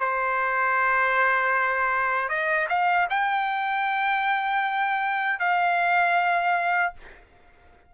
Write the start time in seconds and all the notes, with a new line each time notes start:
0.00 C5
2.29 D#5
2.69 F5
3.10 G5
5.40 F5